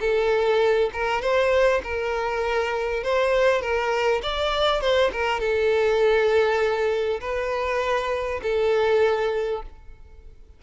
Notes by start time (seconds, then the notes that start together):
0.00 A4
0.93 A#4
1.21 C5
1.83 A#4
3.03 C5
3.61 A#4
4.23 D5
4.81 C5
5.12 A#4
5.40 A4
7.21 B4
8.43 A4